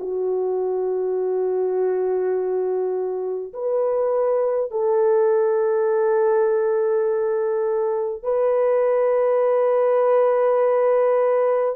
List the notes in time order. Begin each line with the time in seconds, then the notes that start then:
0.00 F#4
3.53 B4
4.71 A4
8.24 B4